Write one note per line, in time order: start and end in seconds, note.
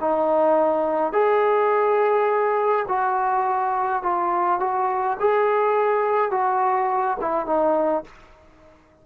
0.00 1.13 D#4
1.13 2.86 G#4
2.88 4.03 F#4
4.03 4.60 F4
4.60 5.17 F#4
5.20 6.31 G#4
6.31 7.17 F#4
7.21 7.46 E4
7.46 8.04 D#4